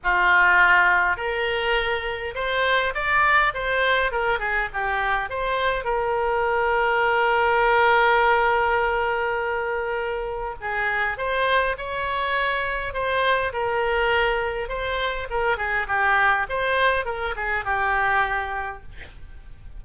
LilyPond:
\new Staff \with { instrumentName = "oboe" } { \time 4/4 \tempo 4 = 102 f'2 ais'2 | c''4 d''4 c''4 ais'8 gis'8 | g'4 c''4 ais'2~ | ais'1~ |
ais'2 gis'4 c''4 | cis''2 c''4 ais'4~ | ais'4 c''4 ais'8 gis'8 g'4 | c''4 ais'8 gis'8 g'2 | }